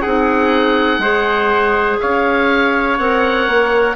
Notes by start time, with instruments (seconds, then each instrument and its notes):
0.00 bassoon C4, clarinet D#4, trumpet G#4, oboe F#5
0.98 bassoon G#3, clarinet G#4, trumpet C5
2.00 bassoon C#4, trumpet C#5, oboe F5
2.98 bassoon C4, clarinet A#4, oboe F#5
3.47 bassoon A#3